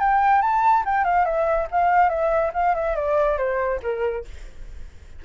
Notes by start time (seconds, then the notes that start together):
0.00 G5
0.42 A5
0.85 G5
1.05 F5
1.25 E5
1.72 F5
2.10 E5
2.54 F5
2.75 E5
2.96 D5
3.38 C5
3.83 A#4